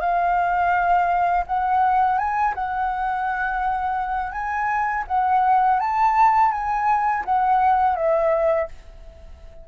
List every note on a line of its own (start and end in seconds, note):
0.00 1.45 F5
1.46 2.18 F#5
2.18 2.54 G#5
2.54 4.31 F#5
4.31 5.04 G#5
5.07 5.79 F#5
5.80 6.51 A5
6.51 7.24 G#5
7.25 7.96 F#5
7.96 8.68 E5